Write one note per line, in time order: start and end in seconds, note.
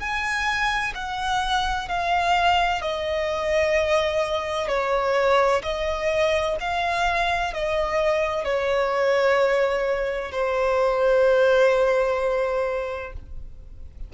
0.00 0.94 G#5
0.95 1.89 F#5
1.89 2.82 F5
2.82 4.69 D#5
4.69 5.62 C#5
5.63 6.57 D#5
6.61 7.54 F5
7.54 8.45 D#5
8.45 10.32 C#5
10.32 13.13 C5